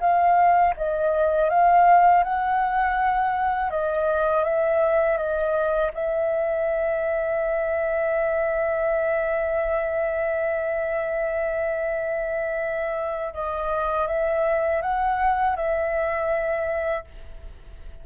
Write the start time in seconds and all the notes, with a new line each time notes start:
0.00 F5
0.77 D#5
1.49 F5
2.24 F#5
3.70 D#5
4.44 E5
5.17 D#5
5.94 E5
13.33 D#5
14.07 E5
14.82 F#5
15.56 E5